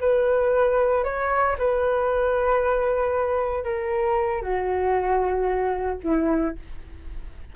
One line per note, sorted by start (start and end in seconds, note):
0.00 1.04 B4
1.04 1.56 C#5
1.58 3.64 B4
3.64 4.42 A#4
4.42 5.98 F#4
6.03 6.55 E4